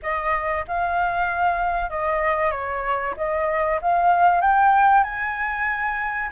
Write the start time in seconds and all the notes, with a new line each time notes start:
0.02 D#5
0.67 F5
1.89 D#5
2.51 C#5
3.16 D#5
3.81 F5
4.41 G5
5.03 G#5